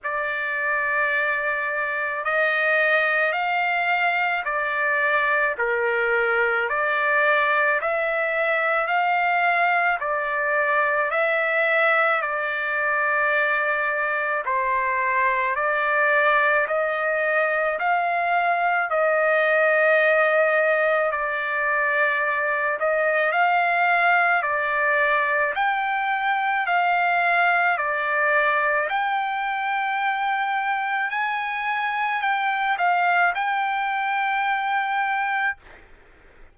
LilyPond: \new Staff \with { instrumentName = "trumpet" } { \time 4/4 \tempo 4 = 54 d''2 dis''4 f''4 | d''4 ais'4 d''4 e''4 | f''4 d''4 e''4 d''4~ | d''4 c''4 d''4 dis''4 |
f''4 dis''2 d''4~ | d''8 dis''8 f''4 d''4 g''4 | f''4 d''4 g''2 | gis''4 g''8 f''8 g''2 | }